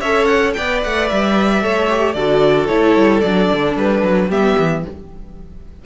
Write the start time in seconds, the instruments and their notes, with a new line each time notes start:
0.00 cello C#4, viola A4, violin C#5 E5
0.25 violin F#5
0.53 cello B3, viola B4, violin D5 G5
0.83 cello A3, violin F#5
1.08 cello G3, violin E5
1.61 cello A3, viola A4, violin C#5
1.89 viola G4
2.13 cello D3, viola F#4, violin A4 D5
2.67 cello A3, viola E4, violin C#5
2.96 cello G3
3.20 cello F#3, viola D4, violin D5
3.52 cello D3
3.76 cello G3, violin B4
4.02 cello F#3
4.28 cello G3, viola B3, violin G4 E5
4.58 cello E3